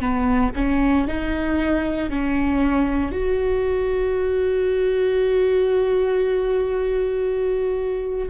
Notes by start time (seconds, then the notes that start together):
0.00 B3
0.55 C#4
1.08 D#4
2.10 C#4
3.12 F#4